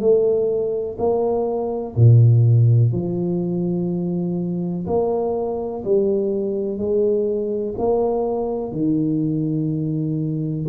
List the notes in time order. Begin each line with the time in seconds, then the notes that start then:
0.00 A3
0.98 A#3
1.96 A#2
2.92 F3
4.86 A#3
5.84 G3
6.77 G#3
7.78 A#3
8.72 D#3